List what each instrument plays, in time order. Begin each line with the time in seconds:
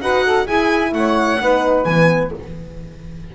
0.00 double bass D#4, horn F#4, saxophone B4, violin F#5
0.25 saxophone A4
0.44 horn E4, double bass E4, saxophone G#4, violin G#5
0.92 double bass A3, saxophone C#5, violin F#5
1.39 double bass B3, horn D#4, saxophone B4
1.84 double bass E3, horn B3, violin G#5